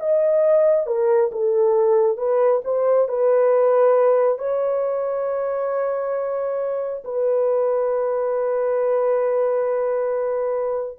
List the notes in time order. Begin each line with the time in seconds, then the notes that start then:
0.00 D#5
0.87 A#4
1.32 A4
2.18 B4
2.65 C5
3.09 B4
4.39 C#5
7.05 B4